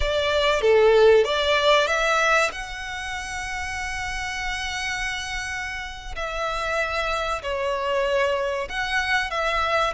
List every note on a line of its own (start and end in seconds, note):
0.00 0.61 D5
0.61 1.24 A4
1.24 1.87 D5
1.87 2.50 E5
2.51 6.15 F#5
6.15 7.42 E5
7.42 8.68 C#5
8.69 9.30 F#5
9.30 9.93 E5